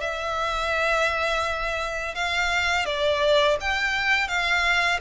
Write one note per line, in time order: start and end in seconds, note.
0.00 2.14 E5
2.15 2.85 F5
2.85 3.57 D5
3.60 4.28 G5
4.28 4.99 F5